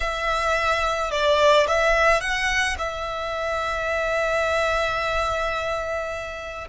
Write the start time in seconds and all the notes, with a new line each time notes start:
0.00 E5
1.11 D5
1.67 E5
2.20 F#5
2.78 E5